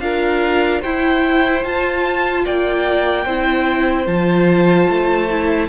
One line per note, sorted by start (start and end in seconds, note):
0.00 0.81 D4
0.00 0.83 F4
0.00 0.82 A#4
0.00 0.81 F5
0.82 1.65 E4
0.82 1.64 E4
0.82 2.44 C5
0.82 1.64 G5
1.64 3.26 F4
1.64 2.46 F4
1.64 2.45 A5
2.46 3.26 A#3
2.46 3.26 D5
2.46 4.07 G5
3.26 4.07 C4
3.26 4.08 E4
3.26 5.69 C5
4.07 4.88 F3
4.07 5.29 F4
4.07 5.69 A5
4.90 5.69 A3
5.31 5.69 E4